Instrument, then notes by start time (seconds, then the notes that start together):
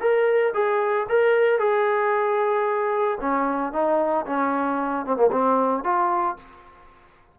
trombone
0.00 A#4
0.54 G#4
1.09 A#4
1.59 G#4
3.21 C#4
3.73 D#4
4.26 C#4
5.06 C4
5.17 A#3
5.32 C4
5.84 F4